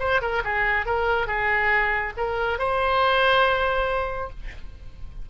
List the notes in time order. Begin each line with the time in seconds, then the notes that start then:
0.00 C5
0.22 A#4
0.45 G#4
0.86 A#4
1.28 G#4
2.17 A#4
2.59 C5